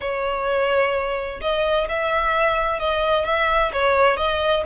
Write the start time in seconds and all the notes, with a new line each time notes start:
0.00 C#5
1.41 D#5
1.88 E5
2.79 D#5
3.25 E5
3.72 C#5
4.16 D#5